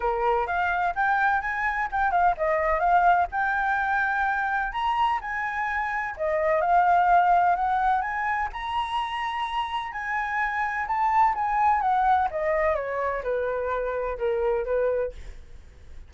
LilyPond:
\new Staff \with { instrumentName = "flute" } { \time 4/4 \tempo 4 = 127 ais'4 f''4 g''4 gis''4 | g''8 f''8 dis''4 f''4 g''4~ | g''2 ais''4 gis''4~ | gis''4 dis''4 f''2 |
fis''4 gis''4 ais''2~ | ais''4 gis''2 a''4 | gis''4 fis''4 dis''4 cis''4 | b'2 ais'4 b'4 | }